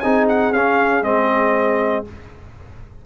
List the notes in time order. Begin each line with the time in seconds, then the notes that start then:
0.00 C4 D#4 G#4 G#5
0.28 F#5
0.53 C#4 F5
1.02 G#3 C4 D#5